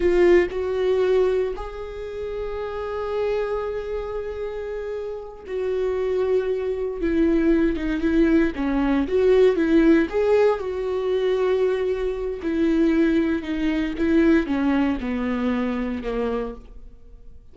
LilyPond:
\new Staff \with { instrumentName = "viola" } { \time 4/4 \tempo 4 = 116 f'4 fis'2 gis'4~ | gis'1~ | gis'2~ gis'8 fis'4.~ | fis'4. e'4. dis'8 e'8~ |
e'8 cis'4 fis'4 e'4 gis'8~ | gis'8 fis'2.~ fis'8 | e'2 dis'4 e'4 | cis'4 b2 ais4 | }